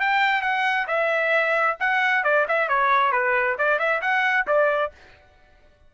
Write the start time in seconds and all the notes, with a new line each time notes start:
0.00 G5
0.42 F#5
0.87 E5
1.80 F#5
2.24 D5
2.48 E5
2.69 C#5
3.12 B4
3.58 D5
3.79 E5
4.01 F#5
4.47 D5